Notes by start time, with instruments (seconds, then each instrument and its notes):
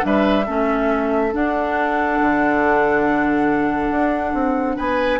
0.00 bassoon G3, clarinet D4, oboe B4, flute E5
0.46 bassoon A3, clarinet C#4, oboe A4
1.31 clarinet D4, bassoon D4, flute F#5
2.21 bassoon D3
3.90 bassoon D4
4.33 bassoon C4
4.76 bassoon B3, oboe B4, flute G#5